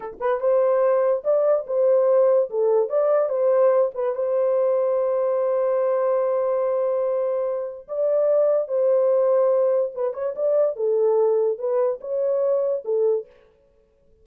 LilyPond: \new Staff \with { instrumentName = "horn" } { \time 4/4 \tempo 4 = 145 a'8 b'8 c''2 d''4 | c''2 a'4 d''4 | c''4. b'8 c''2~ | c''1~ |
c''2. d''4~ | d''4 c''2. | b'8 cis''8 d''4 a'2 | b'4 cis''2 a'4 | }